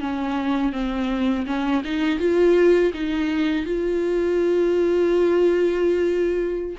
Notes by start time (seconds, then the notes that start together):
0.00 C#4
0.72 C4
1.46 C#4
1.84 D#4
2.19 F4
2.93 D#4
3.66 F4